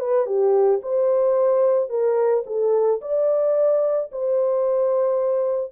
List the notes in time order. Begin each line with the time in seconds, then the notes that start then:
0.00 B4
0.26 G4
0.82 C5
1.90 A#4
2.46 A4
3.02 D5
4.12 C5